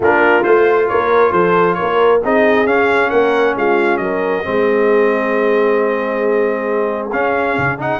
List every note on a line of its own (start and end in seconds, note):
0.00 0.44 A#3
0.00 0.42 D4
0.00 0.88 F4
0.00 0.43 A#4
0.42 0.90 A3
0.42 2.20 F4
0.42 0.88 C5
0.88 1.32 A#3
0.88 1.32 A#4
0.88 1.32 C#5
1.32 1.77 F3
1.32 1.76 A4
1.32 1.74 C5
1.74 2.22 A#4
1.74 2.18 C#5
1.81 2.24 A#3
2.22 2.66 C4
2.22 2.66 D#4
2.22 3.09 G#4
2.22 2.66 D#5
2.66 3.10 C#4
2.66 4.43 C#4
2.66 3.10 F5
3.09 3.55 A#3
3.09 3.54 A#4
3.09 3.54 F#5
3.55 3.98 G#3
3.55 4.01 F4
3.55 3.97 F5
3.97 4.42 F#3
3.97 4.46 A#4
3.97 7.08 D#5
4.43 7.13 G#3
4.43 7.10 C4
4.43 7.99 G#4
7.12 7.78 C#4
7.12 7.57 C#4
7.12 7.79 F5
7.58 7.99 C#3
7.78 7.99 D#4
7.78 7.99 F#5